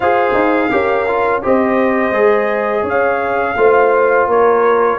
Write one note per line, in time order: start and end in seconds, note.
0.00 0.32 F4
0.00 0.70 G#4
0.00 0.71 C5
0.00 1.43 F5
0.34 0.69 D#4
0.70 1.43 C#4
0.70 1.06 G4
0.70 1.42 A#4
1.07 1.42 F4
1.42 2.11 C4
1.42 2.12 G4
1.42 2.82 C5
1.42 2.88 D#5
2.11 2.83 G#3
2.11 3.55 G#4
2.82 3.54 C#4
2.82 3.54 C#5
2.82 4.30 F5
3.56 4.27 A3
3.56 4.98 F4
3.56 4.28 C5
4.27 4.98 A#3
4.27 4.98 A#4
4.27 4.98 C#5